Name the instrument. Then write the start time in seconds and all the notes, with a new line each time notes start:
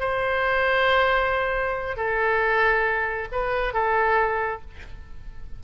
oboe
0.00 C5
1.97 A4
3.32 B4
3.74 A4